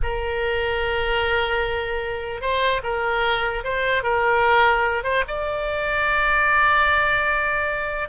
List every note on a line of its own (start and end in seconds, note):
0.03 2.41 A#4
2.41 2.81 C5
2.83 3.63 A#4
3.64 4.03 C5
4.03 5.03 A#4
5.03 5.23 C5
5.27 8.08 D5